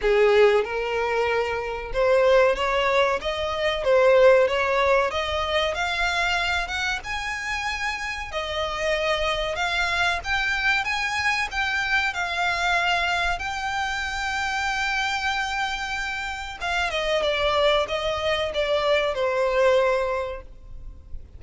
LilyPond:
\new Staff \with { instrumentName = "violin" } { \time 4/4 \tempo 4 = 94 gis'4 ais'2 c''4 | cis''4 dis''4 c''4 cis''4 | dis''4 f''4. fis''8 gis''4~ | gis''4 dis''2 f''4 |
g''4 gis''4 g''4 f''4~ | f''4 g''2.~ | g''2 f''8 dis''8 d''4 | dis''4 d''4 c''2 | }